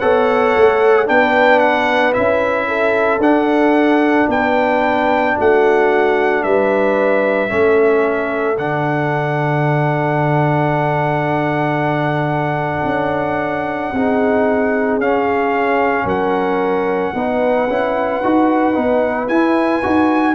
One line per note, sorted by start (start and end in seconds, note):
0.00 0.56 B3
0.00 1.06 A4
0.00 1.08 C#5
0.00 1.07 F#5
0.57 1.10 A3
1.06 2.17 B3
1.06 2.13 D4
1.06 2.68 B4
1.06 1.60 G5
1.60 2.13 F#5
2.13 3.19 C#4
2.13 3.20 E4
2.13 3.21 E5
2.68 4.29 A4
3.19 4.27 D4
3.19 7.49 D4
3.19 4.30 F#5
4.29 5.36 B3
4.29 5.36 B4
4.29 5.38 G5
5.38 6.45 A3
5.38 6.44 F#4
5.38 6.44 F#5
6.44 7.52 G3
6.44 7.51 B4
6.44 8.58 E5
7.49 8.58 A3
7.49 8.56 C#4
7.49 13.94 A4
8.58 12.85 D3
8.58 13.95 D4
8.58 15.01 F#5
12.85 13.92 C#4
13.93 14.98 C4
13.93 15.02 D#4
13.93 16.06 G#4
14.98 16.05 C#4
14.98 17.15 C#4
14.98 16.08 F5
16.05 17.12 F#3
16.05 17.13 A#4
16.05 19.28 F#5
17.14 17.68 B3
17.14 17.69 D#4
17.14 20.35 B4
17.68 18.22 C#4
17.68 18.23 E4
18.24 18.77 D#4
18.24 18.75 F#4
18.75 19.29 B3
18.75 19.28 D#4
19.28 19.83 E4
19.28 20.35 G#5
19.83 20.35 D#4
19.83 20.35 F#4